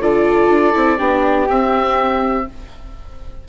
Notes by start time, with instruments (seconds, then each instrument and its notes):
0.00 bassoon D3, viola F4, flute A4, oboe D5
0.48 bassoon D4
0.74 bassoon C4, viola E4
0.98 bassoon B3, viola D4, flute G4
1.49 viola C4, bassoon C4, oboe E5